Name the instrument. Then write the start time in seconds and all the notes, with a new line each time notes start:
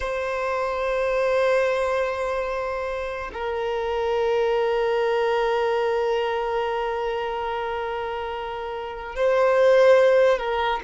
violin
0.00 C5
3.33 A#4
9.15 C5
10.38 A#4